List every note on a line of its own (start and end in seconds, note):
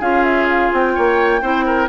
0.00 0.71 C#4
0.00 1.41 F4
0.00 0.93 G#4
0.00 0.25 F5
0.25 0.48 E5
0.50 0.73 F5
0.73 0.96 C4
0.73 1.89 G5
0.95 1.42 A#3
0.95 1.42 C#5
1.42 1.89 C4
1.42 1.89 E4
1.42 1.65 C5
1.66 1.89 A#4